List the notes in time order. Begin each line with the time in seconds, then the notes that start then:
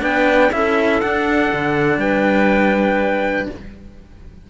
0.00 B3 D4 B4 G5
0.52 C#4 E4 A4 E5
1.01 D4 F#5
1.53 D3
1.97 G3 B4 G5